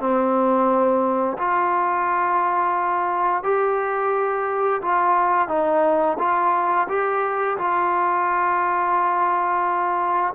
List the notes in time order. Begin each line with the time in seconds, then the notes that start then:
0.00 C4
1.38 F4
3.44 G4
4.82 F4
5.49 D#4
6.19 F4
6.89 G4
7.58 F4